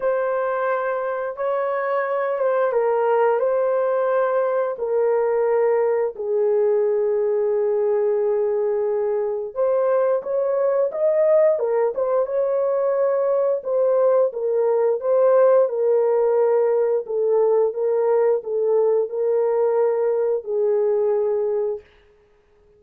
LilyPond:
\new Staff \with { instrumentName = "horn" } { \time 4/4 \tempo 4 = 88 c''2 cis''4. c''8 | ais'4 c''2 ais'4~ | ais'4 gis'2.~ | gis'2 c''4 cis''4 |
dis''4 ais'8 c''8 cis''2 | c''4 ais'4 c''4 ais'4~ | ais'4 a'4 ais'4 a'4 | ais'2 gis'2 | }